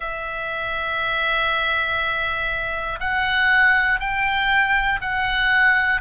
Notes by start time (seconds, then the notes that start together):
0.00 E5
3.00 F#5
4.00 G5
5.01 F#5